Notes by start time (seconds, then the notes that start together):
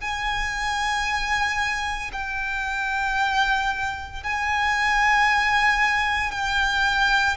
0.00 G#5
2.12 G5
4.23 G#5
6.31 G5